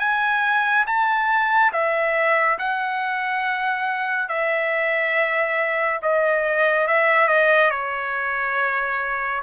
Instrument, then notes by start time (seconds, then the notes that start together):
trumpet
0.00 G#5
0.87 A5
1.73 E5
2.59 F#5
4.29 E5
6.03 D#5
6.88 E5
7.29 D#5
7.71 C#5